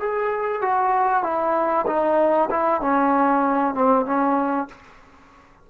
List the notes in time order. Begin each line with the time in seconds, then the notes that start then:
0.00 G#4
0.62 F#4
1.23 E4
1.87 D#4
2.51 E4
2.81 C#4
3.74 C4
4.06 C#4